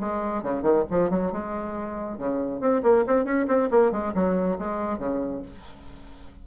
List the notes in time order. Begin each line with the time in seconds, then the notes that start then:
0.00 G#3
0.43 C#3
0.63 D#3
0.91 F3
1.10 F#3
1.32 G#3
2.18 C#3
2.60 C4
2.83 A#3
3.07 C4
3.25 C#4
3.48 C4
3.71 A#3
3.92 G#3
4.15 F#3
4.58 G#3
4.98 C#3